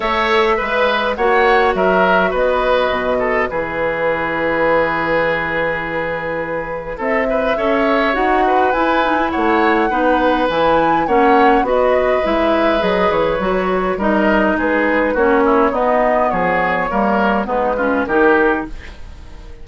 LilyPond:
<<
  \new Staff \with { instrumentName = "flute" } { \time 4/4 \tempo 4 = 103 e''2 fis''4 e''4 | dis''2 b'2~ | b'1 | e''2 fis''4 gis''4 |
fis''2 gis''4 fis''4 | dis''4 e''4 dis''8 cis''4. | dis''4 b'4 cis''4 dis''4 | cis''2 b'4 ais'4 | }
  \new Staff \with { instrumentName = "oboe" } { \time 4/4 cis''4 b'4 cis''4 ais'4 | b'4. a'8 gis'2~ | gis'1 | a'8 b'8 cis''4. b'4. |
cis''4 b'2 cis''4 | b'1 | ais'4 gis'4 fis'8 e'8 dis'4 | gis'4 ais'4 dis'8 f'8 g'4 | }
  \new Staff \with { instrumentName = "clarinet" } { \time 4/4 a'4 b'4 fis'2~ | fis'2 e'2~ | e'1~ | e'4 a'4 fis'4 e'8 dis'16 e'16~ |
e'4 dis'4 e'4 cis'4 | fis'4 e'4 gis'4 fis'4 | dis'2 cis'4 b4~ | b4 ais4 b8 cis'8 dis'4 | }
  \new Staff \with { instrumentName = "bassoon" } { \time 4/4 a4 gis4 ais4 fis4 | b4 b,4 e2~ | e1 | c'4 cis'4 dis'4 e'4 |
a4 b4 e4 ais4 | b4 gis4 fis8 e8 fis4 | g4 gis4 ais4 b4 | f4 g4 gis4 dis4 | }
>>